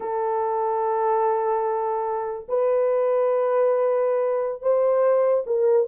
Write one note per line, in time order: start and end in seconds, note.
0.00 2.46 A4
2.48 4.61 B4
4.61 5.44 C5
5.46 5.87 A#4